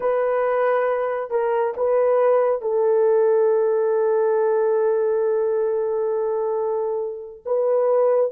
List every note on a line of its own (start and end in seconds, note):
0.00 1.30 B4
1.30 1.74 A#4
1.76 2.61 B4
2.61 7.43 A4
7.45 8.31 B4